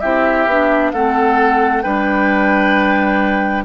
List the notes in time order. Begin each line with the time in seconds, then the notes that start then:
0.00 C4 E4 G4 E5
0.46 B3 D4
0.92 A3 C4 A4 F#5
1.82 G3 D4 B4 G5